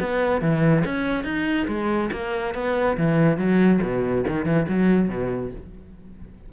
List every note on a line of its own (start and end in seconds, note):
0.00 0.41 B3
0.41 0.84 E3
0.85 1.24 C#4
1.24 1.67 D#4
1.68 2.10 G#3
2.12 2.54 A#3
2.54 2.97 B3
2.97 3.38 E3
3.38 3.80 F#3
3.82 4.24 B2
4.27 4.45 D#3
4.45 4.66 E3
4.68 5.09 F#3
5.09 5.51 B2